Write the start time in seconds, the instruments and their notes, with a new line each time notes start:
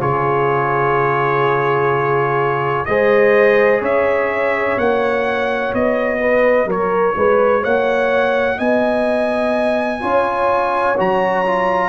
0.00 tuba C#3, trombone F4, horn G#4, trumpet C#5
2.85 tuba G#3, trombone G#4, horn C5, trumpet D#5
3.81 tuba C#4, horn C#5, trumpet E5
4.77 tuba A#3, trombone F#4, trumpet F#5
5.73 tuba B3, trumpet D#5
6.20 horn B4
6.65 tuba F#3, horn A#4, trumpet C#5
7.16 tuba G#3, horn B4
7.62 tuba A#3, horn C#5, trumpet F#5
8.57 tuba B3, horn D#5, trumpet G#5
10.00 tuba C#4, trombone F4, horn C#5
10.97 tuba F#3, trombone F#4, trumpet A#5
11.45 trombone F4